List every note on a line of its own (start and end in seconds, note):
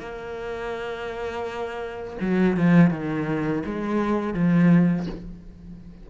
0.00 2.17 A#3
2.21 2.57 F#3
2.57 2.91 F3
2.91 3.63 D#3
3.66 4.34 G#3
4.34 5.07 F3